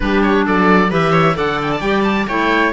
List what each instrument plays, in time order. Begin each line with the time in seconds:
0.00 cello G3, clarinet D4, viola G4, oboe B4
0.22 oboe C#5
0.45 cello F#3, viola A4, oboe D5
0.89 cello E3, clarinet G4, viola B4, oboe E5
1.12 viola C#5
1.34 cello D3, clarinet A4, viola D5, oboe F#5
1.62 oboe G5
1.72 oboe A5
1.80 cello G3, clarinet G4, oboe G5
2.03 oboe A5
2.28 cello A3, clarinet E4, viola C#5, oboe G5